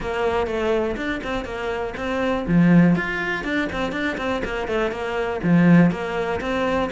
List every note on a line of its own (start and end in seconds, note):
0.00 0.46 A#3
0.46 0.96 A3
0.96 1.20 D4
1.23 1.44 C4
1.44 1.93 A#3
1.96 2.45 C4
2.47 2.95 F3
2.95 3.44 F4
3.44 3.68 D4
3.72 3.92 C4
3.92 4.16 D4
4.17 4.42 C4
4.44 4.67 A#3
4.67 4.91 A3
4.91 5.40 A#3
5.43 5.91 F3
5.91 6.40 A#3
6.40 6.90 C4